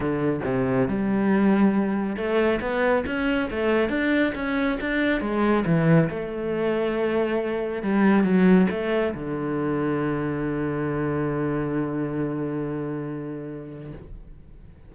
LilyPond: \new Staff \with { instrumentName = "cello" } { \time 4/4 \tempo 4 = 138 d4 c4 g2~ | g4 a4 b4 cis'4 | a4 d'4 cis'4 d'4 | gis4 e4 a2~ |
a2 g4 fis4 | a4 d2.~ | d1~ | d1 | }